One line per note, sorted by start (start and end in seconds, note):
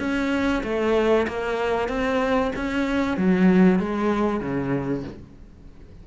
0.00 0.63 C#4
0.64 1.27 A3
1.28 1.89 A#3
1.89 2.52 C4
2.56 3.18 C#4
3.18 3.80 F#3
3.80 4.41 G#3
4.41 5.04 C#3